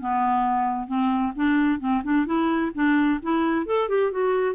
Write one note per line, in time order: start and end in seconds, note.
0.00 0.87 B3
0.87 1.33 C4
1.36 1.80 D4
1.80 2.02 C4
2.03 2.26 D4
2.26 2.71 E4
2.75 3.20 D4
3.22 3.66 E4
3.66 3.89 A4
3.89 4.11 G4
4.11 4.55 F#4